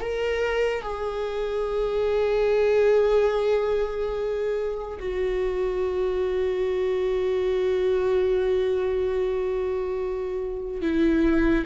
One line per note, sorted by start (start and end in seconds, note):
0.00 0.82 A#4
0.82 4.98 G#4
4.99 10.81 F#4
10.81 11.64 E4